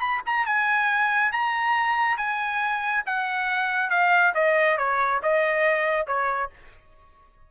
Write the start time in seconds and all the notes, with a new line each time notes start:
0.00 B5
0.26 A#5
0.46 G#5
1.32 A#5
2.17 G#5
3.06 F#5
3.90 F5
4.35 D#5
4.78 C#5
5.22 D#5
6.07 C#5